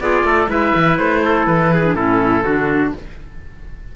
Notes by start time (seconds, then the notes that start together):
0.00 B3 F4 G#4 D5
0.23 A3 A4
0.48 G#3 E4 B4 E5
0.75 E3
0.98 A3 C5
1.25 A4
1.46 E3 B4
1.74 G#4
1.84 D4
1.95 A2 C#4 E4 A4
2.44 D3 D4 F#4